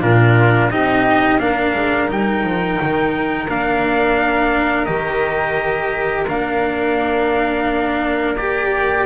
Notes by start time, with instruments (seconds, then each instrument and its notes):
0.00 double bass A#2, cello D4, flute F4, trumpet A#4
0.70 double bass C4, cello D#4, flute G4, trumpet D#5
1.38 double bass A#3, cello D4, flute A#4, trumpet F5
1.73 double bass G#3
2.07 double bass G3, cello D#4, trumpet G5
2.43 double bass F3
2.81 double bass D#3
3.48 double bass A#3, cello D4, trumpet F5
4.85 double bass D#3, cello G4, trumpet D#5
6.27 double bass A#3, cello D4, trumpet F5
8.36 cello G4, trumpet D5